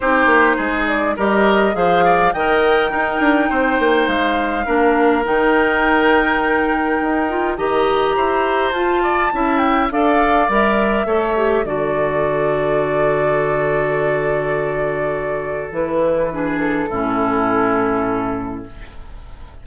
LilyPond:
<<
  \new Staff \with { instrumentName = "flute" } { \time 4/4 \tempo 4 = 103 c''4. d''8 dis''4 f''4 | g''2. f''4~ | f''4 g''2.~ | g''4 ais''2 a''4~ |
a''8 g''8 f''4 e''2 | d''1~ | d''2. b'4~ | b'8 a'2.~ a'8 | }
  \new Staff \with { instrumentName = "oboe" } { \time 4/4 g'4 gis'4 ais'4 c''8 d''8 | dis''4 ais'4 c''2 | ais'1~ | ais'4 dis''4 c''4. d''8 |
e''4 d''2 cis''4 | a'1~ | a'1 | gis'4 e'2. | }
  \new Staff \with { instrumentName = "clarinet" } { \time 4/4 dis'2 g'4 gis'4 | ais'4 dis'2. | d'4 dis'2.~ | dis'8 f'8 g'2 f'4 |
e'4 a'4 ais'4 a'8 g'8 | fis'1~ | fis'2. e'4 | d'4 cis'2. | }
  \new Staff \with { instrumentName = "bassoon" } { \time 4/4 c'8 ais8 gis4 g4 f4 | dis4 dis'8 d'8 c'8 ais8 gis4 | ais4 dis2. | dis'4 dis4 e'4 f'4 |
cis'4 d'4 g4 a4 | d1~ | d2. e4~ | e4 a,2. | }
>>